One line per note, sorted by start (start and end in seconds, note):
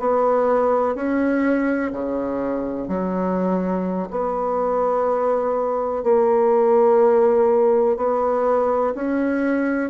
0.00 0.95 B3
0.95 1.92 C#4
1.93 2.89 C#3
2.89 4.10 F#3
4.11 6.04 B3
6.04 7.97 A#3
7.97 8.94 B3
8.95 9.91 C#4